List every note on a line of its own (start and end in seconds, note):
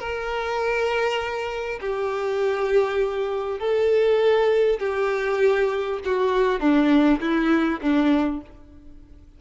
0.00 1.80 A#4
1.81 3.60 G4
3.60 4.80 A4
4.80 6.00 G4
6.05 6.61 F#4
6.61 7.21 D4
7.21 7.81 E4
7.82 8.42 D4